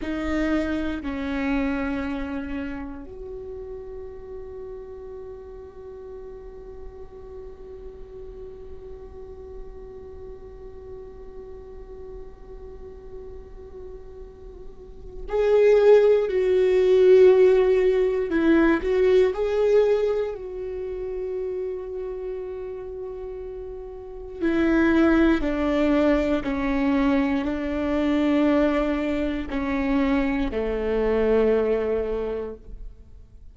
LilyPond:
\new Staff \with { instrumentName = "viola" } { \time 4/4 \tempo 4 = 59 dis'4 cis'2 fis'4~ | fis'1~ | fis'1~ | fis'2. gis'4 |
fis'2 e'8 fis'8 gis'4 | fis'1 | e'4 d'4 cis'4 d'4~ | d'4 cis'4 a2 | }